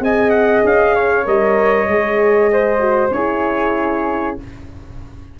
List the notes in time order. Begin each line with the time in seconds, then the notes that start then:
0.00 C4 G#4 D#5 G#5
0.30 F#5
0.64 C#4 F5
0.95 C#5
1.25 G3 A#4 D#5
1.88 G#3 G#4
2.52 C5
2.80 F#4
3.11 C#4 E4 G#4 C#5